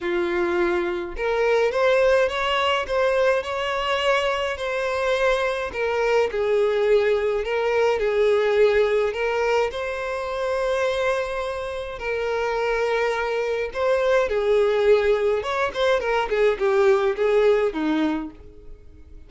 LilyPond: \new Staff \with { instrumentName = "violin" } { \time 4/4 \tempo 4 = 105 f'2 ais'4 c''4 | cis''4 c''4 cis''2 | c''2 ais'4 gis'4~ | gis'4 ais'4 gis'2 |
ais'4 c''2.~ | c''4 ais'2. | c''4 gis'2 cis''8 c''8 | ais'8 gis'8 g'4 gis'4 dis'4 | }